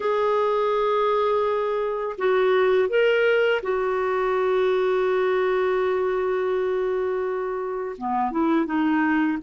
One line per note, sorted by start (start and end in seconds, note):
0.00 2.16 G#4
2.18 2.88 F#4
2.88 3.61 A#4
3.62 7.96 F#4
7.97 8.31 B3
8.31 8.65 E4
8.65 9.38 D#4